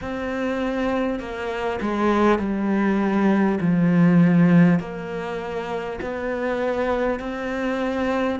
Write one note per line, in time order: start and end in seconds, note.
0.01 1.19 C4
1.19 1.79 A#3
1.81 2.38 G#3
2.38 3.58 G3
3.60 4.79 F3
4.79 5.99 A#3
6.01 7.19 B3
7.19 8.39 C4